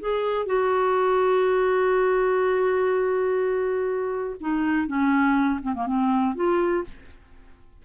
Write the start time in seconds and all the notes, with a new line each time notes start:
0.00 G#4
0.46 F#4
4.40 D#4
4.87 C#4
5.62 C4
5.74 A#3
5.86 C4
6.35 F4